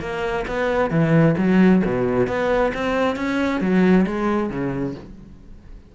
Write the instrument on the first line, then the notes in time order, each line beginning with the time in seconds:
cello
0.00 A#3
0.48 B3
0.91 E3
1.38 F#3
1.85 B2
2.28 B3
2.74 C4
3.16 C#4
3.61 F#3
4.06 G#3
4.50 C#3